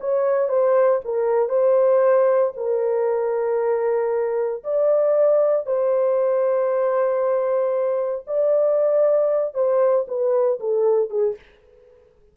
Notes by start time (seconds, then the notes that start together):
0.00 C#5
0.48 C5
1.04 A#4
1.49 C5
2.56 A#4
4.64 D5
5.66 C5
8.27 D5
9.54 C5
10.07 B4
10.59 A4
11.09 G#4